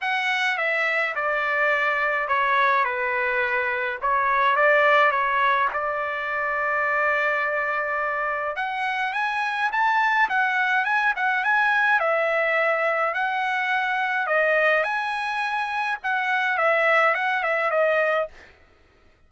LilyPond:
\new Staff \with { instrumentName = "trumpet" } { \time 4/4 \tempo 4 = 105 fis''4 e''4 d''2 | cis''4 b'2 cis''4 | d''4 cis''4 d''2~ | d''2. fis''4 |
gis''4 a''4 fis''4 gis''8 fis''8 | gis''4 e''2 fis''4~ | fis''4 dis''4 gis''2 | fis''4 e''4 fis''8 e''8 dis''4 | }